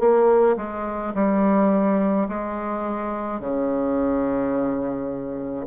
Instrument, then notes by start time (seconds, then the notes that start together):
bassoon
0.00 A#3
0.57 G#3
1.14 G3
2.28 G#3
3.40 C#3